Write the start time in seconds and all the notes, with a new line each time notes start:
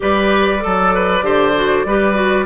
0.00 G3 G4 B4 D5
0.59 F#3 A4
0.94 B4
1.22 D3 G4 C5
1.55 F#4
1.85 G3 G4 B4
2.14 F#4